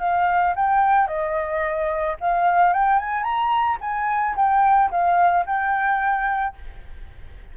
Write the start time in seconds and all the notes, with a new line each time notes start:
0.00 F5
0.56 G5
1.08 D#5
2.21 F5
2.74 G5
2.99 G#5
3.24 A#5
3.81 G#5
4.36 G5
4.91 F5
5.46 G5